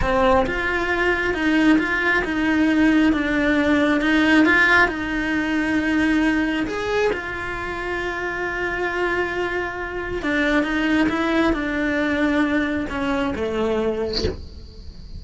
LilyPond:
\new Staff \with { instrumentName = "cello" } { \time 4/4 \tempo 4 = 135 c'4 f'2 dis'4 | f'4 dis'2 d'4~ | d'4 dis'4 f'4 dis'4~ | dis'2. gis'4 |
f'1~ | f'2. d'4 | dis'4 e'4 d'2~ | d'4 cis'4 a2 | }